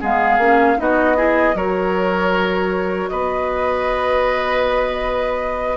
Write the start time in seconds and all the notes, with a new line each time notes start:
0.00 G#3 B3 G#4 F5
0.38 A#3 C#4
0.77 B3 D#4 F#4 D#5
1.16 E4 G#4
1.53 F#3 F#4 A#4 C#5
3.08 B3 B4 D#5